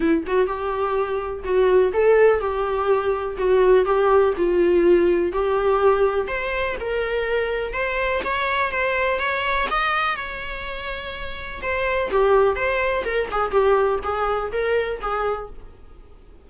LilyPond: \new Staff \with { instrumentName = "viola" } { \time 4/4 \tempo 4 = 124 e'8 fis'8 g'2 fis'4 | a'4 g'2 fis'4 | g'4 f'2 g'4~ | g'4 c''4 ais'2 |
c''4 cis''4 c''4 cis''4 | dis''4 cis''2. | c''4 g'4 c''4 ais'8 gis'8 | g'4 gis'4 ais'4 gis'4 | }